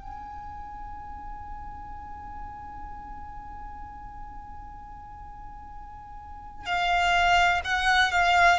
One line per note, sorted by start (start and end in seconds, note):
0.00 6.66 G#5
6.66 7.61 F5
7.65 8.12 F#5
8.12 8.59 F5